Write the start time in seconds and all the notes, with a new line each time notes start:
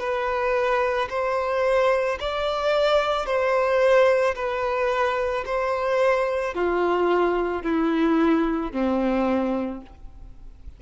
0.00 B4
1.10 C5
2.21 D5
3.26 C5
4.36 B4
5.46 C5
6.55 F4
7.64 E4
8.73 C4